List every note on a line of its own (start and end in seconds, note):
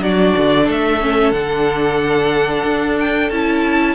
0.00 0.33 F#3
0.00 1.00 D4
0.00 0.65 F#4
0.00 0.69 D5
0.37 0.68 D3
0.65 1.32 A3
0.65 3.95 A4
0.71 1.32 E5
1.00 1.33 C#4
1.32 2.63 D3
1.32 3.30 D4
1.32 2.97 F#5
2.64 3.30 D4
3.00 3.30 G5
3.30 3.95 C#4
3.30 3.95 E4
3.30 3.95 A5